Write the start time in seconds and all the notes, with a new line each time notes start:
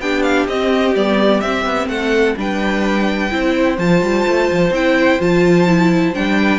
0.00 B3 D4 G4 G5
0.23 F5
0.48 C4 D#5
0.95 G3 B3 D5
1.41 C4 E5
1.66 B3
1.88 A3 A4 F#5
2.37 G3 D4 B4 G5
3.31 C4 E4 C5
3.78 F3 F4 A5
4.02 G3
4.28 A3
4.52 F3
4.71 C4 E4 G5
5.20 F3 F4 A5
5.67 E4
6.14 G3 D4 G5
6.40 B4